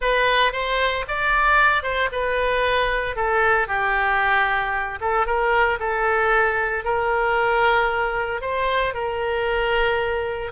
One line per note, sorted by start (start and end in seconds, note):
0.01 0.52 B4
0.52 1.05 C5
1.08 1.82 D5
1.82 2.09 C5
2.11 3.16 B4
3.16 3.67 A4
3.67 4.99 G4
5.00 5.26 A4
5.26 5.78 A#4
5.79 6.84 A4
6.84 8.41 A#4
8.41 8.93 C5
8.94 10.51 A#4